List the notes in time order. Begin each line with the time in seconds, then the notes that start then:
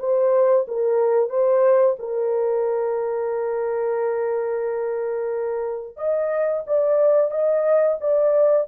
0.00 C5
0.68 A#4
1.30 C5
1.99 A#4
5.97 D#5
6.67 D5
7.32 D#5
8.01 D5